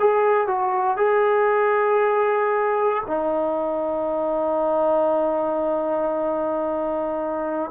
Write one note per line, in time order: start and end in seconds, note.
0.00 0.47 G#4
0.47 0.97 F#4
0.97 3.04 G#4
3.07 7.71 D#4